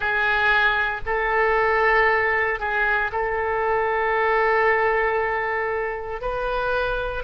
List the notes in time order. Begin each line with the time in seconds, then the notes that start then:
0.00 G#4
1.06 A4
2.59 G#4
3.11 A4
6.21 B4